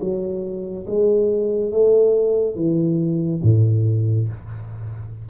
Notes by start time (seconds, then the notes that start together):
0.00 F#3
0.86 G#3
1.71 A3
2.55 E3
3.42 A2